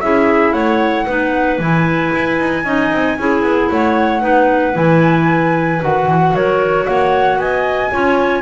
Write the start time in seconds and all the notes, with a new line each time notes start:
0.00 C#4 E4 G#4 E5
0.52 A3 C#5 F#5
1.05 B3 D#4 B4
1.58 E3 E4 G#5
2.14 E4
2.39 D#4
2.64 C#4 D#4 D#5
2.91 C4
3.18 C#4 E4 G#4
3.42 B3
3.71 A3 C#5 F#5
4.20 B3 D#4 B4
4.73 E3 E4 G#5
5.81 D#3 F#4 F#5
6.06 E3
6.33 F#3 A#4 C#5
6.86 A#3 C#5 F#5
7.36 B3 D#5 G#5
7.91 C#4 F4 C#5